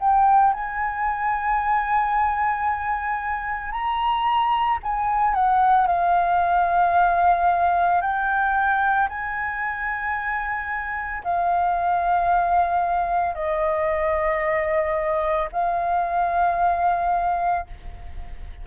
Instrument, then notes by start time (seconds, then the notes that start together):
flute
0.00 G5
0.54 G#5
3.72 A#5
4.84 G#5
5.35 F#5
5.88 F5
8.02 G5
9.09 G#5
11.24 F5
13.35 D#5
15.53 F5